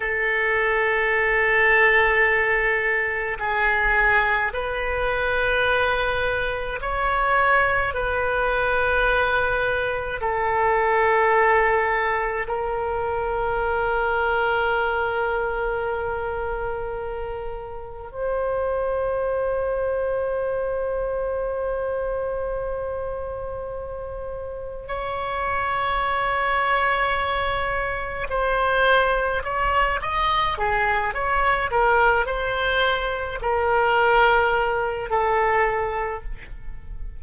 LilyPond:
\new Staff \with { instrumentName = "oboe" } { \time 4/4 \tempo 4 = 53 a'2. gis'4 | b'2 cis''4 b'4~ | b'4 a'2 ais'4~ | ais'1 |
c''1~ | c''2 cis''2~ | cis''4 c''4 cis''8 dis''8 gis'8 cis''8 | ais'8 c''4 ais'4. a'4 | }